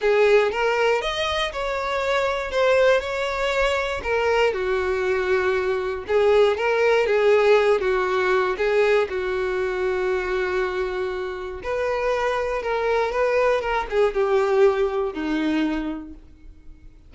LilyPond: \new Staff \with { instrumentName = "violin" } { \time 4/4 \tempo 4 = 119 gis'4 ais'4 dis''4 cis''4~ | cis''4 c''4 cis''2 | ais'4 fis'2. | gis'4 ais'4 gis'4. fis'8~ |
fis'4 gis'4 fis'2~ | fis'2. b'4~ | b'4 ais'4 b'4 ais'8 gis'8 | g'2 dis'2 | }